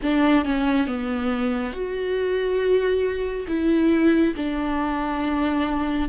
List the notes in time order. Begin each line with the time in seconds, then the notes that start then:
0.02 D4
0.44 C#4
0.87 B3
1.72 F#4
3.47 E4
4.36 D4